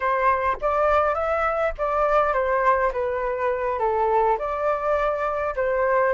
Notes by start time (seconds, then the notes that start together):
0.00 C5
0.61 D5
1.14 E5
1.78 D5
2.33 C5
2.92 B4
3.79 A4
4.38 D5
5.56 C5